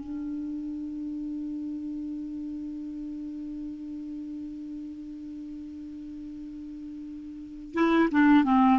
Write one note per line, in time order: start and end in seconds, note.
0.00 7.74 D4
7.74 8.09 E4
8.11 8.44 D4
8.44 8.79 C4